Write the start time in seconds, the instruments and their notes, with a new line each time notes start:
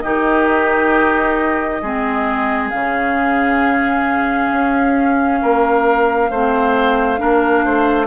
0.00 bassoon D#3, clarinet D#4, oboe G4, flute D#5
1.81 bassoon G#3, clarinet C4, oboe G#4
2.69 bassoon C#3, clarinet C#4, flute F5
4.50 bassoon C#4
5.42 bassoon A#3, oboe A#4
6.30 bassoon A3, clarinet C4, oboe C5
7.17 bassoon A#3, clarinet D4, oboe A#4
7.65 bassoon A3, oboe C5